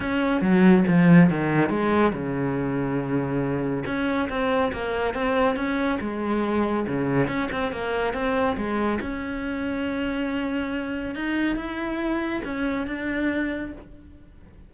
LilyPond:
\new Staff \with { instrumentName = "cello" } { \time 4/4 \tempo 4 = 140 cis'4 fis4 f4 dis4 | gis4 cis2.~ | cis4 cis'4 c'4 ais4 | c'4 cis'4 gis2 |
cis4 cis'8 c'8 ais4 c'4 | gis4 cis'2.~ | cis'2 dis'4 e'4~ | e'4 cis'4 d'2 | }